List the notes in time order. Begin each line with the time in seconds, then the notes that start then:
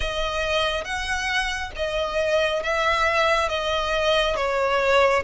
0.00 D#5
0.84 F#5
1.76 D#5
2.62 E5
3.49 D#5
4.36 C#5